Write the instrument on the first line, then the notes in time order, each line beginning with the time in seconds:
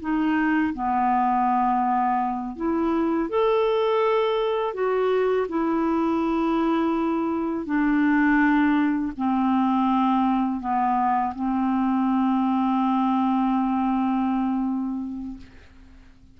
clarinet
0.00 D#4
0.74 B3
2.56 E4
3.29 A4
4.74 F#4
5.48 E4
7.66 D4
9.17 C4
10.60 B3
11.34 C4